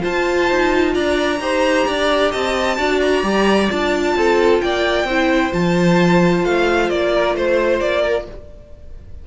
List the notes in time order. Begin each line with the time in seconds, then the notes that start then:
0.00 F4 C5 A5
0.50 D#4
0.94 D4 D5 A#5
1.40 D#4 G4 C5
1.87 D4 D5
2.31 C4 D#5 A5
2.78 D4 F#4 D5
3.01 A#5
3.23 G3 G4
3.70 D4 F4 A5
4.16 C4 A4
4.61 A#3 D5 G5
5.04 C4 E4 C5
5.52 F3 F4 A5
6.44 A3 F5
6.90 A#3 D5
7.13 A#4
7.35 A3 C5
7.80 A#3 D5
8.02 A#4